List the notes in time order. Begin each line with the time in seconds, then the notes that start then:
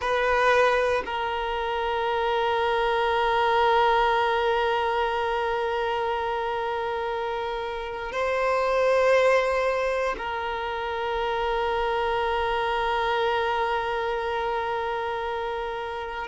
0.01 B4
1.05 A#4
8.12 C5
10.18 A#4